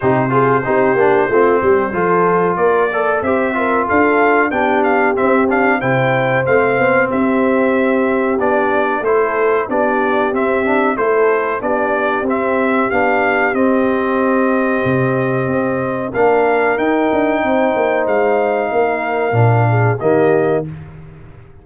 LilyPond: <<
  \new Staff \with { instrumentName = "trumpet" } { \time 4/4 \tempo 4 = 93 c''1 | d''4 e''4 f''4 g''8 f''8 | e''8 f''8 g''4 f''4 e''4~ | e''4 d''4 c''4 d''4 |
e''4 c''4 d''4 e''4 | f''4 dis''2.~ | dis''4 f''4 g''2 | f''2. dis''4 | }
  \new Staff \with { instrumentName = "horn" } { \time 4/4 g'8 gis'8 g'4 f'8 g'8 a'4 | ais'8 d''8 c''8 ais'8 a'4 g'4~ | g'4 c''2 g'4~ | g'2 a'4 g'4~ |
g'4 a'4 g'2~ | g'1~ | g'4 ais'2 c''4~ | c''4 ais'4. gis'8 g'4 | }
  \new Staff \with { instrumentName = "trombone" } { \time 4/4 dis'8 f'8 dis'8 d'8 c'4 f'4~ | f'8 a'8 g'8 f'4. d'4 | c'8 d'8 e'4 c'2~ | c'4 d'4 e'4 d'4 |
c'8 d'8 e'4 d'4 c'4 | d'4 c'2.~ | c'4 d'4 dis'2~ | dis'2 d'4 ais4 | }
  \new Staff \with { instrumentName = "tuba" } { \time 4/4 c4 c'8 ais8 a8 g8 f4 | ais4 c'4 d'4 b4 | c'4 c4 a8 b8 c'4~ | c'4 b4 a4 b4 |
c'4 a4 b4 c'4 | b4 c'2 c4 | c'4 ais4 dis'8 d'8 c'8 ais8 | gis4 ais4 ais,4 dis4 | }
>>